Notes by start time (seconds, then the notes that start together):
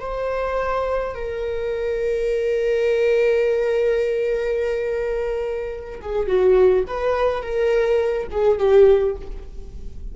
0.00 C5
1.14 A#4
6.01 G#4
6.26 F#4
6.87 B4
7.42 A#4
8.30 G#4
8.58 G4